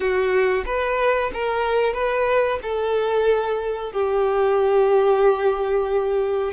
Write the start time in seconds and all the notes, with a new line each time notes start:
0.00 F#4
0.65 B4
1.33 A#4
1.93 B4
2.62 A4
3.92 G4